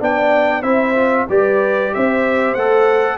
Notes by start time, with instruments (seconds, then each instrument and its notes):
0.00 tuba B3, trombone D4, horn D5, trumpet G5
0.62 tuba C4, trombone E4, horn C5, trumpet E5
0.95 trombone F4
1.29 tuba G3, trombone G4, horn B4, trumpet D5
1.94 tuba C4, horn C5, trumpet E5
2.54 tuba A3, trombone A4, trumpet F#5